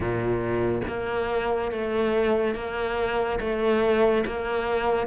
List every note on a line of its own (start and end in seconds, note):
0.00 0.81 A#2
0.87 1.71 A#3
1.71 2.54 A3
2.54 3.39 A#3
3.40 4.24 A3
4.26 5.06 A#3